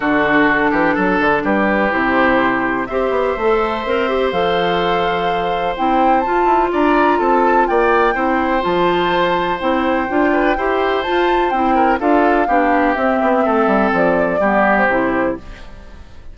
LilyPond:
<<
  \new Staff \with { instrumentName = "flute" } { \time 4/4 \tempo 4 = 125 a'2. b'4 | c''2 e''2~ | e''4 f''2. | g''4 a''4 ais''4 a''4 |
g''2 a''2 | g''2. a''4 | g''4 f''2 e''4~ | e''4 d''4.~ d''16 c''4~ c''16 | }
  \new Staff \with { instrumentName = "oboe" } { \time 4/4 fis'4. g'8 a'4 g'4~ | g'2 c''2~ | c''1~ | c''2 d''4 a'4 |
d''4 c''2.~ | c''4. b'8 c''2~ | c''8 ais'8 a'4 g'2 | a'2 g'2 | }
  \new Staff \with { instrumentName = "clarinet" } { \time 4/4 d'1 | e'2 g'4 a'4 | ais'8 g'8 a'2. | e'4 f'2.~ |
f'4 e'4 f'2 | e'4 f'4 g'4 f'4 | e'4 f'4 d'4 c'4~ | c'2 b4 e'4 | }
  \new Staff \with { instrumentName = "bassoon" } { \time 4/4 d4. e8 fis8 d8 g4 | c2 c'8 b8 a4 | c'4 f2. | c'4 f'8 e'8 d'4 c'4 |
ais4 c'4 f2 | c'4 d'4 e'4 f'4 | c'4 d'4 b4 c'8 b8 | a8 g8 f4 g4 c4 | }
>>